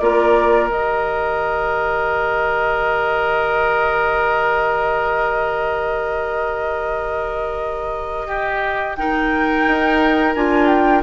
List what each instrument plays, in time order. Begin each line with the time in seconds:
0.00 bassoon A#3, clarinet F4, oboe A#4, flute D5
0.68 bassoon D#3, clarinet G4, flute D#5
8.28 oboe G4
8.97 clarinet D#4, oboe A#4, flute G5
9.67 bassoon D#4
10.35 bassoon D4, clarinet F4, flute G#5
10.68 flute G5